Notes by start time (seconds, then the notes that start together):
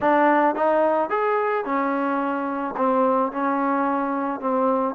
0.00 D4
0.55 D#4
1.09 G#4
1.64 C#4
2.76 C4
3.32 C#4
4.40 C4